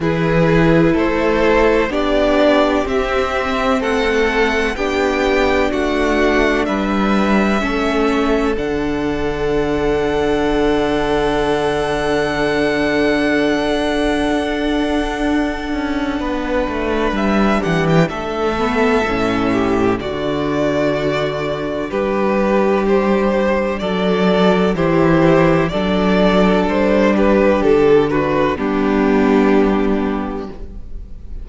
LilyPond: <<
  \new Staff \with { instrumentName = "violin" } { \time 4/4 \tempo 4 = 63 b'4 c''4 d''4 e''4 | fis''4 g''4 fis''4 e''4~ | e''4 fis''2.~ | fis''1~ |
fis''2 e''8 fis''16 g''16 e''4~ | e''4 d''2 b'4 | c''4 d''4 c''4 d''4 | c''8 b'8 a'8 b'8 g'2 | }
  \new Staff \with { instrumentName = "violin" } { \time 4/4 gis'4 a'4 g'2 | a'4 g'4 fis'4 b'4 | a'1~ | a'1~ |
a'4 b'4. g'8 a'4~ | a'8 g'8 fis'2 g'4~ | g'4 a'4 g'4 a'4~ | a'8 g'4 fis'8 d'2 | }
  \new Staff \with { instrumentName = "viola" } { \time 4/4 e'2 d'4 c'4~ | c'4 d'2. | cis'4 d'2.~ | d'1~ |
d'2.~ d'8 b8 | cis'4 d'2.~ | d'2 e'4 d'4~ | d'2 b2 | }
  \new Staff \with { instrumentName = "cello" } { \time 4/4 e4 a4 b4 c'4 | a4 b4 a4 g4 | a4 d2.~ | d2. d'4~ |
d'8 cis'8 b8 a8 g8 e8 a4 | a,4 d2 g4~ | g4 fis4 e4 fis4 | g4 d4 g2 | }
>>